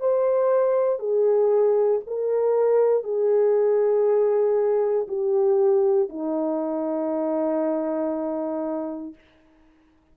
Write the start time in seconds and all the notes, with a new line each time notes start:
0.00 C5
0.99 G#4
2.07 A#4
3.04 G#4
5.08 G4
6.10 D#4